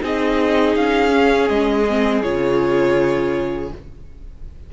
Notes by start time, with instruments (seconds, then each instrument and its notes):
0.00 cello C4, viola D#4, violin G#4 D#5
0.75 cello C#4, violin F5
1.09 viola C#4
1.48 cello G#3, violin D#5
1.89 viola C4
2.22 cello C#3, viola F4, violin C#5